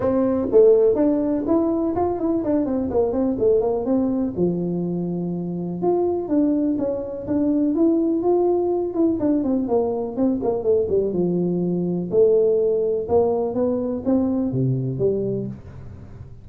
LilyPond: \new Staff \with { instrumentName = "tuba" } { \time 4/4 \tempo 4 = 124 c'4 a4 d'4 e'4 | f'8 e'8 d'8 c'8 ais8 c'8 a8 ais8 | c'4 f2. | f'4 d'4 cis'4 d'4 |
e'4 f'4. e'8 d'8 c'8 | ais4 c'8 ais8 a8 g8 f4~ | f4 a2 ais4 | b4 c'4 c4 g4 | }